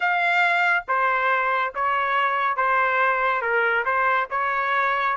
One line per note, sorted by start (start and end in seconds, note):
0.00 0.84 F5
0.88 1.73 C5
1.74 2.56 C#5
2.56 3.41 C5
3.41 3.84 A#4
3.85 4.27 C5
4.30 5.16 C#5